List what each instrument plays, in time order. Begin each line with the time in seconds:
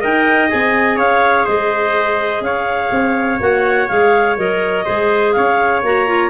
0.00 tuba D#4, clarinet A#4 G5, trumpet D#5
0.48 tuba C4, clarinet G#4 G#5
0.96 tuba C#4, trumpet C#5, clarinet F5
1.45 tuba G#3, trumpet C5, clarinet D#5
2.41 tuba C#4, trumpet C#5, clarinet F5
2.91 tuba C4
3.40 tuba A#3, clarinet F#4 F#5
3.88 tuba G#3, clarinet G#4 F5
4.37 tuba F#3, clarinet A#4 D#5
4.85 tuba G#3, clarinet G#4, trumpet C5
5.32 tuba C#4, trumpet C#5, clarinet F5
5.83 tuba A#3, clarinet F#4 A#5
6.07 clarinet F4